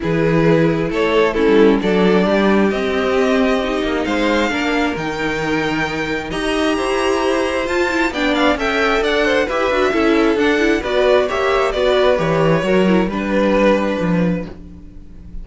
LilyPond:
<<
  \new Staff \with { instrumentName = "violin" } { \time 4/4 \tempo 4 = 133 b'2 cis''4 a'4 | d''2 dis''2~ | dis''4 f''2 g''4~ | g''2 ais''2~ |
ais''4 a''4 g''8 f''8 g''4 | fis''4 e''2 fis''4 | d''4 e''4 d''4 cis''4~ | cis''4 b'2. | }
  \new Staff \with { instrumentName = "violin" } { \time 4/4 gis'2 a'4 e'4 | a'4 g'2.~ | g'4 c''4 ais'2~ | ais'2 dis''4 c''4~ |
c''2 d''4 e''4 | d''8 c''8 b'4 a'2 | b'4 cis''4 b'2 | ais'4 b'2. | }
  \new Staff \with { instrumentName = "viola" } { \time 4/4 e'2. cis'4 | d'2 c'2 | dis'2 d'4 dis'4~ | dis'2 g'2~ |
g'4 f'8 e'8 d'4 a'4~ | a'4 g'8 fis'8 e'4 d'8 e'8 | fis'4 g'4 fis'4 g'4 | fis'8 e'8 d'2. | }
  \new Staff \with { instrumentName = "cello" } { \time 4/4 e2 a4~ a16 g8. | fis4 g4 c'2~ | c'8 ais8 gis4 ais4 dis4~ | dis2 dis'4 e'4~ |
e'4 f'4 b4 cis'4 | d'4 e'8 d'8 cis'4 d'4 | b4 ais4 b4 e4 | fis4 g2 f4 | }
>>